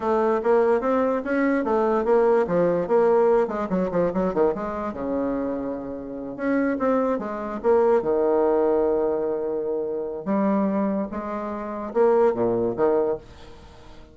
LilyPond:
\new Staff \with { instrumentName = "bassoon" } { \time 4/4 \tempo 4 = 146 a4 ais4 c'4 cis'4 | a4 ais4 f4 ais4~ | ais8 gis8 fis8 f8 fis8 dis8 gis4 | cis2.~ cis8 cis'8~ |
cis'8 c'4 gis4 ais4 dis8~ | dis1~ | dis4 g2 gis4~ | gis4 ais4 ais,4 dis4 | }